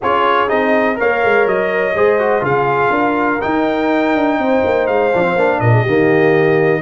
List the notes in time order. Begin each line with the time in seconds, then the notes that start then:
0.02 C#4 F4 G#4 C#5
0.48 C4 D#4 D#5
0.95 A#3 A#4 C#5 F5
1.24 G#3
1.46 F#3 D#5
1.95 G#3 G#4 C5
2.19 F#4
2.40 C#3 F4 G#4 F5
2.89 D4 A#4
3.41 D#4 G5
4.14 D4
4.37 C4 C5
4.64 A#3
4.86 G#3 F5
5.14 F3 D4
5.22 C4
5.35 A#3 D4
5.60 A#2 A#4 D#5
5.72 G#4
5.82 D#3 A#3 G4